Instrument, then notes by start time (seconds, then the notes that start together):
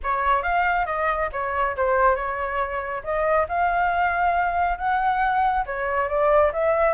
flute
0.03 C#5
0.42 F5
0.86 D#5
1.32 C#5
1.76 C5
2.15 C#5
3.03 D#5
3.48 F5
4.77 F#5
5.65 C#5
6.08 D5
6.52 E5